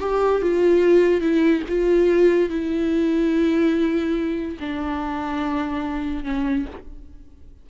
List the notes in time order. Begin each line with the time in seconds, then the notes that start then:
0.00 G4
0.42 F4
1.21 E4
1.69 F4
2.49 E4
4.60 D4
6.24 C#4